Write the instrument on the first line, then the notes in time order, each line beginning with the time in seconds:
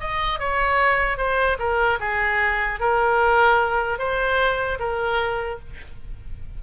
oboe
0.00 D#5
0.39 C#5
1.17 C5
1.59 A#4
2.00 G#4
2.80 A#4
3.98 C5
4.79 A#4